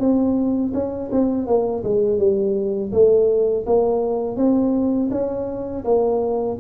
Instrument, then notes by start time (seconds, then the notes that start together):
tuba
0.00 C4
0.74 C#4
1.12 C4
1.47 A#3
1.84 G#3
2.19 G3
2.92 A3
3.66 A#3
4.37 C4
5.11 C#4
5.85 A#3